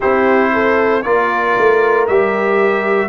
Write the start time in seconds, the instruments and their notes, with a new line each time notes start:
0.00 tuba C4, trombone E4, horn G4, trumpet C5
0.53 horn A4
1.02 tuba A#3, trombone F4, horn A#4, trumpet D5
1.57 tuba A3
2.07 tuba G3, trombone G4, trumpet E5